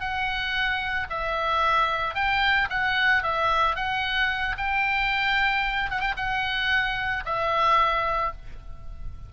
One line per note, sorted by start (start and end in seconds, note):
0.00 1.07 F#5
1.10 2.14 E5
2.14 2.68 G5
2.70 3.23 F#5
3.23 3.75 E5
3.75 4.56 F#5
4.57 5.90 G5
5.90 6.00 F#5
6.00 6.14 G5
6.16 7.23 F#5
7.25 8.32 E5